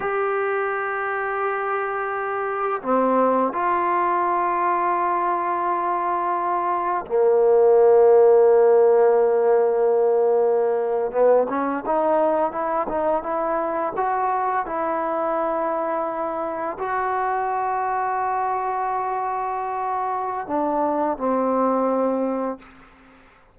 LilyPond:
\new Staff \with { instrumentName = "trombone" } { \time 4/4 \tempo 4 = 85 g'1 | c'4 f'2.~ | f'2 ais2~ | ais2.~ ais8. b16~ |
b16 cis'8 dis'4 e'8 dis'8 e'4 fis'16~ | fis'8. e'2. fis'16~ | fis'1~ | fis'4 d'4 c'2 | }